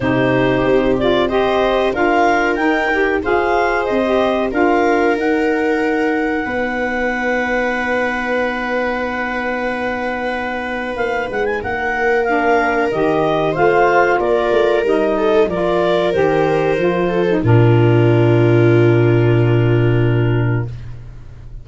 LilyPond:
<<
  \new Staff \with { instrumentName = "clarinet" } { \time 4/4 \tempo 4 = 93 c''4. d''8 dis''4 f''4 | g''4 f''4 dis''4 f''4 | fis''1~ | fis''1~ |
fis''4 f''8 fis''16 gis''16 fis''4 f''4 | dis''4 f''4 d''4 dis''4 | d''4 c''2 ais'4~ | ais'1 | }
  \new Staff \with { instrumentName = "viola" } { \time 4/4 g'2 c''4 ais'4~ | ais'4 c''2 ais'4~ | ais'2 b'2~ | b'1~ |
b'2 ais'2~ | ais'4 c''4 ais'4. a'8 | ais'2~ ais'8 a'8 f'4~ | f'1 | }
  \new Staff \with { instrumentName = "saxophone" } { \time 4/4 dis'4. f'8 g'4 f'4 | dis'8 g'8 gis'4~ gis'16 g'8. f'4 | dis'1~ | dis'1~ |
dis'2. d'4 | g'4 f'2 dis'4 | f'4 g'4 f'8. dis'16 d'4~ | d'1 | }
  \new Staff \with { instrumentName = "tuba" } { \time 4/4 c4 c'2 d'4 | dis'4 f'4 c'4 d'4 | dis'2 b2~ | b1~ |
b4 ais8 gis8 ais2 | dis4 a4 ais8 a8 g4 | f4 dis4 f4 ais,4~ | ais,1 | }
>>